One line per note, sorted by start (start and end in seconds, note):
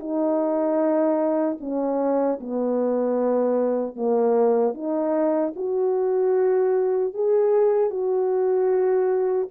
0.00 1.58 D#4
1.61 2.40 C#4
2.41 3.96 B3
3.96 4.74 A#3
4.74 5.53 D#4
5.56 7.14 F#4
7.14 7.91 G#4
7.91 9.49 F#4